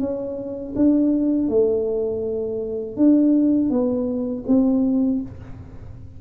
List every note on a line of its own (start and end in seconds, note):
0.00 0.74 C#4
0.76 1.49 D4
1.49 2.97 A3
2.97 3.70 D4
3.70 4.44 B3
4.47 5.22 C4